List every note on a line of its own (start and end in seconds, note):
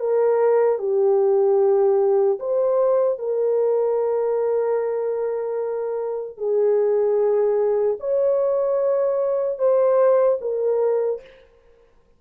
0.00 0.79 A#4
0.79 2.39 G4
2.40 3.19 C5
3.19 6.37 A#4
6.37 7.97 G#4
8.00 9.59 C#5
9.59 10.39 C5
10.41 11.21 A#4